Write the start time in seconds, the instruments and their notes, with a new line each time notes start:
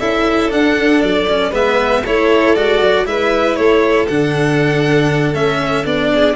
0.00 tuba C#4, cello E4, violin A4 E5
0.50 cello D4, tuba D4, violin F#5
1.02 tuba F#3, violin D5
1.30 cello C#4
1.50 tuba G#3, cello B3, violin B4 E5
2.03 tuba A3, cello E4, violin A4 C#5
2.56 tuba G#3, cello F#4, violin D5
2.81 tuba F#3
3.06 tuba G#3, cello E4, violin B4 E5
3.56 tuba A3, violin A4 C#5
4.08 tuba D3, cello D4, violin F#5
5.34 tuba A3, cello C#4, violin E5
5.85 tuba B3, cello D4, violin D5
6.15 violin G#4